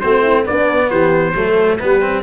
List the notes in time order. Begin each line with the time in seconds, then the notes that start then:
0.00 A3 C4 F#4 C5
0.23 E4
0.45 B3 D4 D5
0.90 E3 G4 C5
1.35 F#3 A3 A4
1.79 G3 B3 G4 B4
2.02 C4